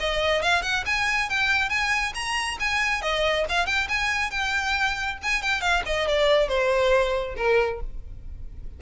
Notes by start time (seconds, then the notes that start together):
0.00 D#5
0.42 F5
0.62 F#5
0.86 G#5
1.29 G5
1.70 G#5
2.15 A#5
2.60 G#5
3.02 D#5
3.49 F5
3.66 G5
3.89 G#5
4.31 G5
5.23 G#5
5.42 G5
5.61 F5
5.86 D#5
6.08 D5
6.48 C5
7.37 A#4